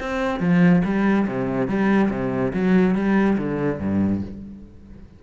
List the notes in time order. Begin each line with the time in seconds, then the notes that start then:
0.00 C4
0.40 F3
0.85 G3
1.28 C3
1.68 G3
2.10 C3
2.54 F#3
2.95 G3
3.38 D3
3.80 G2